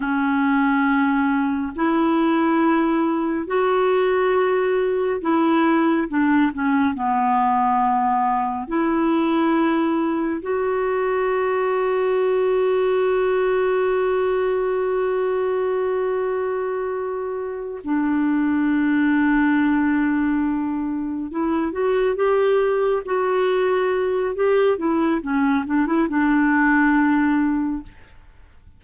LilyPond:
\new Staff \with { instrumentName = "clarinet" } { \time 4/4 \tempo 4 = 69 cis'2 e'2 | fis'2 e'4 d'8 cis'8 | b2 e'2 | fis'1~ |
fis'1~ | fis'8 d'2.~ d'8~ | d'8 e'8 fis'8 g'4 fis'4. | g'8 e'8 cis'8 d'16 e'16 d'2 | }